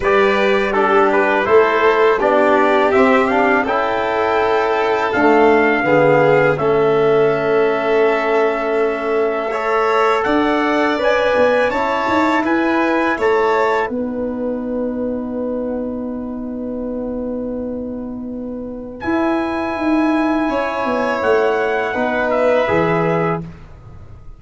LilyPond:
<<
  \new Staff \with { instrumentName = "trumpet" } { \time 4/4 \tempo 4 = 82 d''4 a'8 b'8 c''4 d''4 | e''8 f''8 g''2 f''4~ | f''4 e''2.~ | e''2 fis''4 gis''4 |
a''4 gis''4 a''4 fis''4~ | fis''1~ | fis''2 gis''2~ | gis''4 fis''4. e''4. | }
  \new Staff \with { instrumentName = "violin" } { \time 4/4 b'4 g'4 a'4 g'4~ | g'4 a'2. | gis'4 a'2.~ | a'4 cis''4 d''2 |
cis''4 b'4 cis''4 b'4~ | b'1~ | b'1 | cis''2 b'2 | }
  \new Staff \with { instrumentName = "trombone" } { \time 4/4 g'4 d'4 e'4 d'4 | c'8 d'8 e'2 a4 | b4 cis'2.~ | cis'4 a'2 b'4 |
e'2. dis'4~ | dis'1~ | dis'2 e'2~ | e'2 dis'4 gis'4 | }
  \new Staff \with { instrumentName = "tuba" } { \time 4/4 g2 a4 b4 | c'4 cis'2 d'4 | d4 a2.~ | a2 d'4 cis'8 b8 |
cis'8 dis'8 e'4 a4 b4~ | b1~ | b2 e'4 dis'4 | cis'8 b8 a4 b4 e4 | }
>>